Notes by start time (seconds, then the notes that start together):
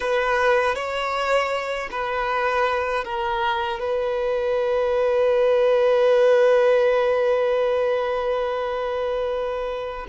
0.00 B4
0.75 C#5
1.91 B4
3.04 A#4
3.79 B4